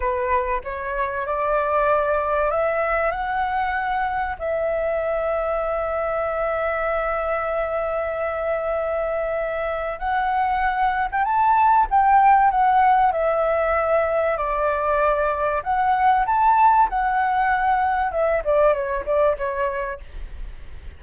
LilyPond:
\new Staff \with { instrumentName = "flute" } { \time 4/4 \tempo 4 = 96 b'4 cis''4 d''2 | e''4 fis''2 e''4~ | e''1~ | e''1 |
fis''4.~ fis''16 g''16 a''4 g''4 | fis''4 e''2 d''4~ | d''4 fis''4 a''4 fis''4~ | fis''4 e''8 d''8 cis''8 d''8 cis''4 | }